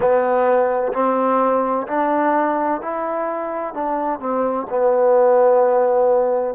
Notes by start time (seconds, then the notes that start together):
0.00 B3
0.92 C4
1.87 D4
2.81 E4
3.74 D4
4.19 C4
4.69 B3